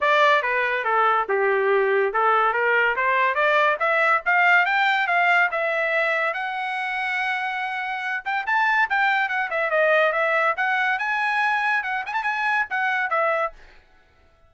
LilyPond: \new Staff \with { instrumentName = "trumpet" } { \time 4/4 \tempo 4 = 142 d''4 b'4 a'4 g'4~ | g'4 a'4 ais'4 c''4 | d''4 e''4 f''4 g''4 | f''4 e''2 fis''4~ |
fis''2.~ fis''8 g''8 | a''4 g''4 fis''8 e''8 dis''4 | e''4 fis''4 gis''2 | fis''8 gis''16 a''16 gis''4 fis''4 e''4 | }